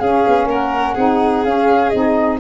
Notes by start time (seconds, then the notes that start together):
0.00 C#4 G#4 F5
0.27 B3
0.45 A#3 A#4 F#5
0.95 C4 D#4 G#4
1.45 C#4 F5
1.90 C4 D#4 D#5